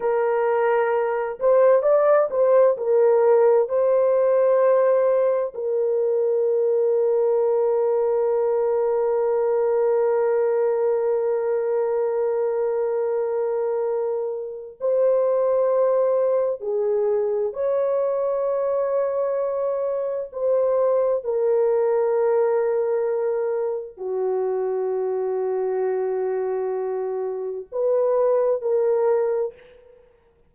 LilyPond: \new Staff \with { instrumentName = "horn" } { \time 4/4 \tempo 4 = 65 ais'4. c''8 d''8 c''8 ais'4 | c''2 ais'2~ | ais'1~ | ais'1 |
c''2 gis'4 cis''4~ | cis''2 c''4 ais'4~ | ais'2 fis'2~ | fis'2 b'4 ais'4 | }